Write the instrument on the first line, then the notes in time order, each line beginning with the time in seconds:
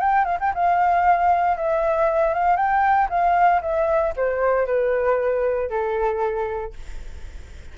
flute
0.00 G5
0.25 F5
0.40 G5
0.55 F5
1.57 E5
2.34 F5
2.57 G5
3.10 F5
3.62 E5
4.17 C5
4.67 B4
5.70 A4